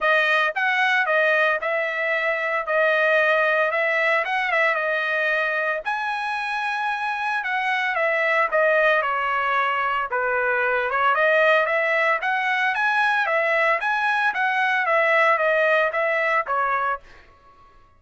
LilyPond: \new Staff \with { instrumentName = "trumpet" } { \time 4/4 \tempo 4 = 113 dis''4 fis''4 dis''4 e''4~ | e''4 dis''2 e''4 | fis''8 e''8 dis''2 gis''4~ | gis''2 fis''4 e''4 |
dis''4 cis''2 b'4~ | b'8 cis''8 dis''4 e''4 fis''4 | gis''4 e''4 gis''4 fis''4 | e''4 dis''4 e''4 cis''4 | }